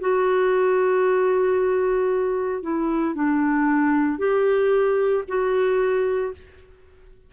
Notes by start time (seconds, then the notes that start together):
0.00 F#4
2.62 E4
3.15 D4
4.18 G4
5.28 F#4